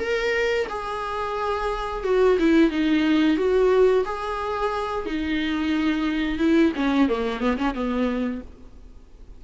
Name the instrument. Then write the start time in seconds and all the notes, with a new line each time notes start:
viola
0.00 A#4
0.69 G#4
2.04 F#4
2.39 E4
2.71 D#4
3.37 F#4
4.05 G#4
5.06 D#4
6.39 E4
6.76 C#4
7.09 A#3
7.40 B3
7.58 C#4
7.74 B3